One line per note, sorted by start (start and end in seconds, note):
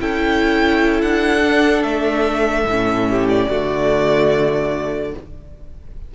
0.00 1.03 C#4
0.00 1.42 E4
0.00 3.09 A4
0.00 1.02 G5
1.02 1.84 D4
1.02 1.83 F#5
1.42 2.65 D4
1.83 2.65 A3
1.83 3.27 E5
2.65 3.47 A2
2.65 3.51 C#4
3.10 3.49 G4
3.29 5.14 D5
3.49 5.14 D3
3.49 5.15 A3
3.49 5.14 F#4